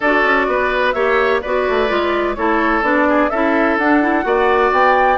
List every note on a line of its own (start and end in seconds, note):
0.00 0.24 D4
0.00 0.94 F#4
0.00 0.46 A4
0.00 0.91 D5
0.24 0.47 C#4
0.47 0.94 B3
0.47 0.94 B4
0.91 1.41 A#3
0.91 1.42 G4
0.91 1.41 C#5
0.91 1.39 E5
1.41 1.68 B3
1.41 1.88 F#4
1.41 2.36 B4
1.41 2.35 D5
1.68 1.90 A3
1.88 2.37 G#3
1.88 2.35 F4
2.35 2.82 A3
2.35 2.82 E4
2.35 3.08 A4
2.35 2.82 C#5
2.82 3.29 B3
2.82 3.30 D4
2.82 3.29 D5
3.08 3.30 G#4
3.29 3.77 C#4
3.29 3.80 E4
3.29 4.24 A4
3.29 3.77 E5
3.77 4.24 D4
3.77 4.01 D4
3.77 4.72 F#5
4.01 4.23 E4
4.23 4.71 A#3
4.23 5.17 F#4
4.23 5.17 D5
4.71 5.17 B3
4.71 5.17 G5